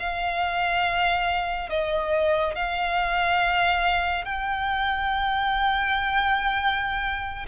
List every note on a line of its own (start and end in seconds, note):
0.00 1.70 F5
1.70 2.55 D#5
2.55 4.25 F5
4.25 7.46 G5